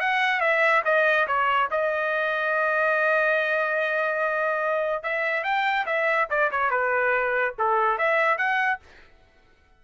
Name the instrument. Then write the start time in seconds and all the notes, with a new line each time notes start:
trumpet
0.00 F#5
0.41 E5
0.85 D#5
1.27 C#5
1.71 D#5
5.03 E5
5.44 G5
5.86 E5
6.30 D5
6.51 C#5
6.70 B4
7.58 A4
7.98 E5
8.38 F#5